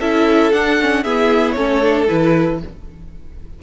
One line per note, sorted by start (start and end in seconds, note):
0.00 0.52 C#4
0.00 0.53 E4
0.00 1.03 A4
0.00 0.52 E5
0.52 0.79 D4
0.52 1.05 D4
0.52 1.04 F#5
0.81 1.05 C#4
1.03 1.56 B3
1.03 1.57 E4
1.03 1.54 G#4
1.03 1.52 E5
1.52 2.09 A3
1.52 1.82 C#4
1.52 2.60 A4
1.52 2.04 C#5
1.82 2.08 D4
2.08 2.63 E3
2.08 2.60 E4
2.08 2.60 B4